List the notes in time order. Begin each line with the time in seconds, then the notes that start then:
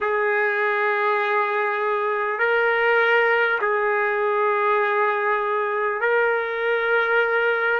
0.00 G#4
2.38 A#4
3.61 G#4
6.01 A#4